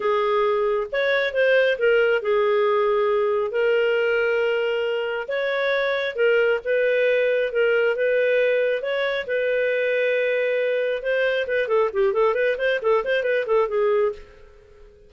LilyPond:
\new Staff \with { instrumentName = "clarinet" } { \time 4/4 \tempo 4 = 136 gis'2 cis''4 c''4 | ais'4 gis'2. | ais'1 | cis''2 ais'4 b'4~ |
b'4 ais'4 b'2 | cis''4 b'2.~ | b'4 c''4 b'8 a'8 g'8 a'8 | b'8 c''8 a'8 c''8 b'8 a'8 gis'4 | }